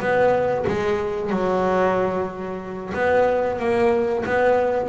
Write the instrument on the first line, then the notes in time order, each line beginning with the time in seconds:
double bass
0.00 B3
0.67 G#3
1.30 F#3
2.94 B3
3.59 A#3
4.26 B3